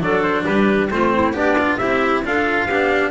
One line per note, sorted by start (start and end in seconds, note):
0.00 0.44 F#3
0.00 0.89 D4
0.00 0.44 A4
0.00 0.22 D5
0.22 0.45 C5
0.44 0.91 G3
0.44 0.88 G4
0.44 0.90 B4
0.90 1.34 A3
0.90 1.33 C4
0.90 1.14 F4
0.90 1.35 C5
1.14 1.35 E4
1.33 1.78 B3
1.33 1.79 D4
1.33 1.56 G4
1.33 1.77 D5
1.59 1.80 F4
1.77 2.25 C4
1.77 2.25 E4
1.77 2.23 G4
1.77 2.22 E5
2.25 2.69 D4
2.25 2.70 F4
2.25 2.67 A4
2.25 3.11 F5
2.67 3.11 B3
2.67 3.11 D4
2.67 3.11 G4